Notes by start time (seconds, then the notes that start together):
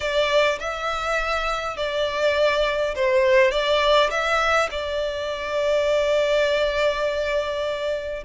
0.00 D5
0.59 E5
1.76 D5
2.95 C5
3.51 D5
4.10 E5
4.71 D5